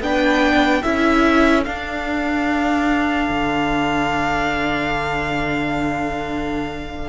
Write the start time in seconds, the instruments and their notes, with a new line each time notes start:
0.00 cello B3, viola D4, violin B4 G5
0.82 cello C#4, viola E4, violin A4 E5
1.64 viola D4, cello D4, violin F5
3.30 cello D3